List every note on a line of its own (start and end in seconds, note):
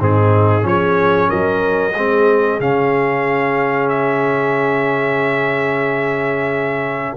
0.00 0.64 G#2
0.00 0.61 C4
0.00 0.66 D#4
0.00 0.67 G#4
0.61 1.29 F3
0.61 1.92 C#4
0.61 1.29 G#4
0.61 1.30 C#5
1.29 1.95 F#3
1.29 1.95 A#4
1.29 2.60 D#5
1.95 2.60 G#3
1.95 2.61 C4
1.95 7.16 G#4
2.60 7.16 C#3
2.60 7.17 C#4
2.60 3.89 F5
3.89 7.15 E5